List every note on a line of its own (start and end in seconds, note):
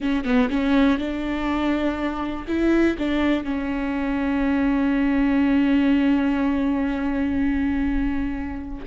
0.00 0.24 C#4
0.24 0.49 B3
0.50 0.98 C#4
0.98 2.45 D4
2.47 2.96 E4
2.98 3.44 D4
3.44 8.85 C#4